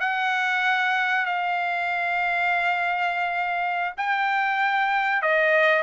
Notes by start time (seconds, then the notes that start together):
0.00 F#5
1.26 F5
3.97 G5
5.22 D#5